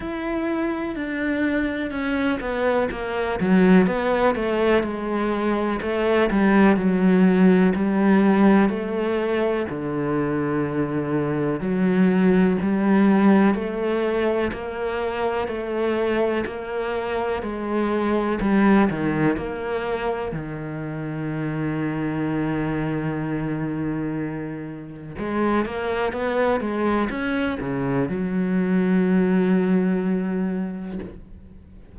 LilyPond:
\new Staff \with { instrumentName = "cello" } { \time 4/4 \tempo 4 = 62 e'4 d'4 cis'8 b8 ais8 fis8 | b8 a8 gis4 a8 g8 fis4 | g4 a4 d2 | fis4 g4 a4 ais4 |
a4 ais4 gis4 g8 dis8 | ais4 dis2.~ | dis2 gis8 ais8 b8 gis8 | cis'8 cis8 fis2. | }